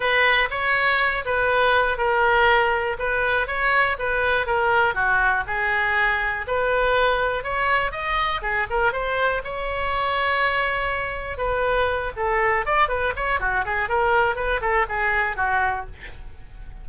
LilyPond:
\new Staff \with { instrumentName = "oboe" } { \time 4/4 \tempo 4 = 121 b'4 cis''4. b'4. | ais'2 b'4 cis''4 | b'4 ais'4 fis'4 gis'4~ | gis'4 b'2 cis''4 |
dis''4 gis'8 ais'8 c''4 cis''4~ | cis''2. b'4~ | b'8 a'4 d''8 b'8 cis''8 fis'8 gis'8 | ais'4 b'8 a'8 gis'4 fis'4 | }